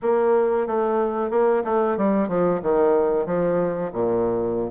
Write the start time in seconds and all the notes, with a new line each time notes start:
0.02 A#3
0.66 A3
1.30 A#3
1.64 A3
1.97 G3
2.28 F3
2.62 D#3
3.25 F3
3.92 A#2